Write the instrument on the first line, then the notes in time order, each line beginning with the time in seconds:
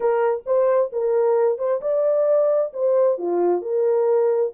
horn
0.00 A#4
0.45 C5
0.92 A#4
1.58 C5
1.81 D5
2.73 C5
3.18 F4
3.61 A#4